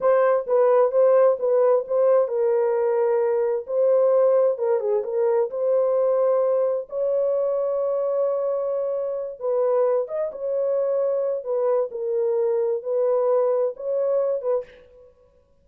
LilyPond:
\new Staff \with { instrumentName = "horn" } { \time 4/4 \tempo 4 = 131 c''4 b'4 c''4 b'4 | c''4 ais'2. | c''2 ais'8 gis'8 ais'4 | c''2. cis''4~ |
cis''1~ | cis''8 b'4. dis''8 cis''4.~ | cis''4 b'4 ais'2 | b'2 cis''4. b'8 | }